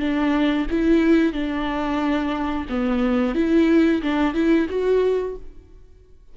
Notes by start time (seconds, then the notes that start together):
0.00 D4
0.71 E4
1.33 D4
2.69 B3
3.35 E4
4.02 D4
4.34 E4
4.69 F#4